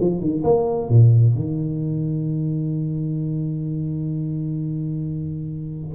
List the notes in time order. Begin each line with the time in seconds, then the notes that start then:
0.00 F3
0.20 D#3
0.44 A#3
0.89 A#2
1.35 D#3